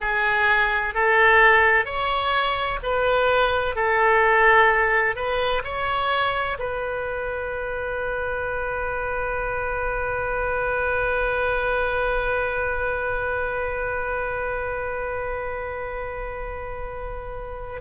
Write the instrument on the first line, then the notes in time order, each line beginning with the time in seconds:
oboe
0.00 G#4
0.94 A4
1.85 C#5
2.82 B4
3.75 A4
5.15 B4
5.63 C#5
6.58 B4